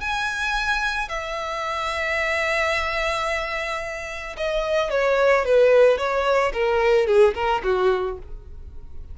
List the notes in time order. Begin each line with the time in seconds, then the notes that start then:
0.00 G#5
1.09 E5
4.37 D#5
4.90 C#5
5.45 B4
5.98 C#5
6.53 A#4
7.07 G#4
7.35 A#4
7.63 F#4